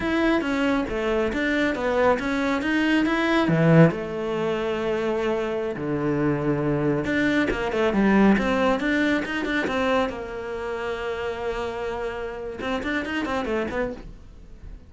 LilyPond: \new Staff \with { instrumentName = "cello" } { \time 4/4 \tempo 4 = 138 e'4 cis'4 a4 d'4 | b4 cis'4 dis'4 e'4 | e4 a2.~ | a4~ a16 d2~ d8.~ |
d16 d'4 ais8 a8 g4 c'8.~ | c'16 d'4 dis'8 d'8 c'4 ais8.~ | ais1~ | ais4 c'8 d'8 dis'8 c'8 a8 b8 | }